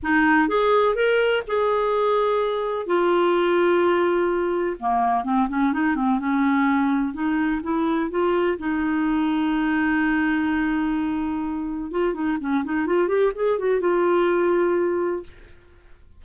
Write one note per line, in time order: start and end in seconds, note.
0.03 0.48 D#4
0.48 0.95 G#4
0.95 1.42 A#4
1.47 2.86 G#4
2.86 4.77 F4
4.79 5.24 A#3
5.24 5.48 C4
5.48 5.72 C#4
5.72 5.95 D#4
5.95 6.19 C4
6.19 7.13 C#4
7.13 7.61 D#4
7.63 8.10 E4
8.10 8.57 F4
8.58 11.91 D#4
11.91 12.13 F4
12.13 12.37 D#4
12.40 12.64 C#4
12.64 12.86 D#4
12.86 13.08 F4
13.08 13.31 G4
13.35 13.58 G#4
13.58 13.80 F#4
13.80 15.23 F4